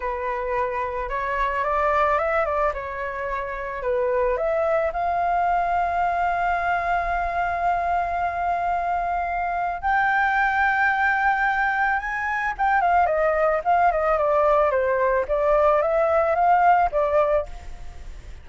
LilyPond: \new Staff \with { instrumentName = "flute" } { \time 4/4 \tempo 4 = 110 b'2 cis''4 d''4 | e''8 d''8 cis''2 b'4 | e''4 f''2.~ | f''1~ |
f''2 g''2~ | g''2 gis''4 g''8 f''8 | dis''4 f''8 dis''8 d''4 c''4 | d''4 e''4 f''4 d''4 | }